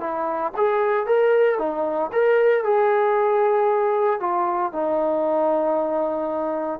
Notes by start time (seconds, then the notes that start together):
0.00 E4
0.57 G#4
1.06 A#4
1.59 D#4
2.12 A#4
2.64 G#4
4.20 F4
4.72 D#4